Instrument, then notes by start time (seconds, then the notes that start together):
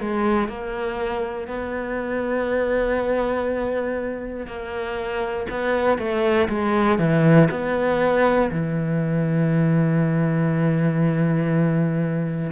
cello
0.00 G#3
0.48 A#3
1.47 B3
4.46 A#3
5.50 B3
5.98 A3
6.49 G#3
6.98 E3
7.50 B3
8.51 E3